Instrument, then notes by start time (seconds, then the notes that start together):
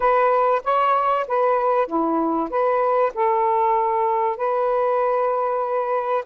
saxophone
0.00 B4
0.64 C#5
1.27 B4
1.87 E4
2.49 B4
3.14 A4
4.37 B4